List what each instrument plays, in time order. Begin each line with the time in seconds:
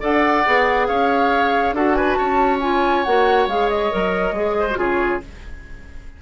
0.00 bassoon D4, clarinet A4, oboe D5, flute F#5
0.46 bassoon B3, clarinet G#4
0.87 bassoon C#4, oboe C#5, flute F5
1.72 bassoon D4, clarinet F#4, oboe A4, flute F#5
1.95 oboe B4, flute G#5
2.14 oboe C#5, flute A5
2.20 bassoon C#4
2.60 clarinet F4, flute G#5
3.04 bassoon A#3, clarinet F#4, flute F#5
3.47 bassoon G#3, clarinet G#4, flute F5
3.69 flute D#5
3.91 bassoon F#3, clarinet A#4
4.31 bassoon G#3, clarinet G#4
4.59 oboe C5
4.70 bassoon C#3, clarinet F#4
4.77 clarinet F4, oboe G#4, flute C#5